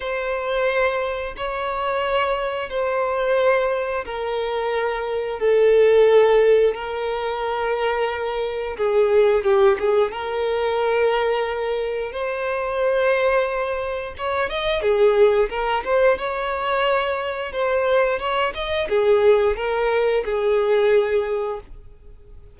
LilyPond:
\new Staff \with { instrumentName = "violin" } { \time 4/4 \tempo 4 = 89 c''2 cis''2 | c''2 ais'2 | a'2 ais'2~ | ais'4 gis'4 g'8 gis'8 ais'4~ |
ais'2 c''2~ | c''4 cis''8 dis''8 gis'4 ais'8 c''8 | cis''2 c''4 cis''8 dis''8 | gis'4 ais'4 gis'2 | }